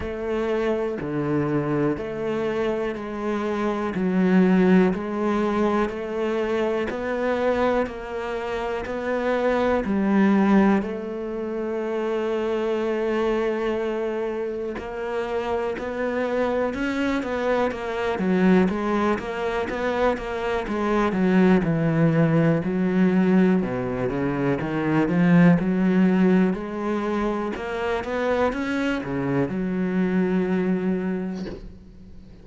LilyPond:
\new Staff \with { instrumentName = "cello" } { \time 4/4 \tempo 4 = 61 a4 d4 a4 gis4 | fis4 gis4 a4 b4 | ais4 b4 g4 a4~ | a2. ais4 |
b4 cis'8 b8 ais8 fis8 gis8 ais8 | b8 ais8 gis8 fis8 e4 fis4 | b,8 cis8 dis8 f8 fis4 gis4 | ais8 b8 cis'8 cis8 fis2 | }